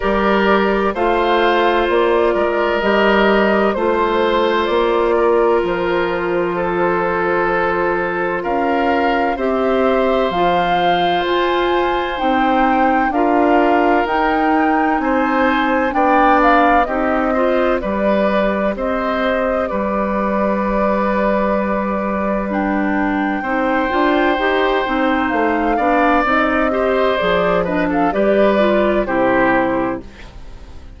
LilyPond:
<<
  \new Staff \with { instrumentName = "flute" } { \time 4/4 \tempo 4 = 64 d''4 f''4 d''4 dis''4 | c''4 d''4 c''2~ | c''4 f''4 e''4 f''4 | gis''4 g''4 f''4 g''4 |
gis''4 g''8 f''8 dis''4 d''4 | dis''4 d''2. | g''2. f''4 | dis''4 d''8 dis''16 f''16 d''4 c''4 | }
  \new Staff \with { instrumentName = "oboe" } { \time 4/4 ais'4 c''4. ais'4. | c''4. ais'4. a'4~ | a'4 ais'4 c''2~ | c''2 ais'2 |
c''4 d''4 g'8 c''8 b'4 | c''4 b'2.~ | b'4 c''2~ c''8 d''8~ | d''8 c''4 b'16 a'16 b'4 g'4 | }
  \new Staff \with { instrumentName = "clarinet" } { \time 4/4 g'4 f'2 g'4 | f'1~ | f'2 g'4 f'4~ | f'4 dis'4 f'4 dis'4~ |
dis'4 d'4 dis'8 f'8 g'4~ | g'1 | d'4 dis'8 f'8 g'8 dis'4 d'8 | dis'8 g'8 gis'8 d'8 g'8 f'8 e'4 | }
  \new Staff \with { instrumentName = "bassoon" } { \time 4/4 g4 a4 ais8 gis8 g4 | a4 ais4 f2~ | f4 cis'4 c'4 f4 | f'4 c'4 d'4 dis'4 |
c'4 b4 c'4 g4 | c'4 g2.~ | g4 c'8 d'8 dis'8 c'8 a8 b8 | c'4 f4 g4 c4 | }
>>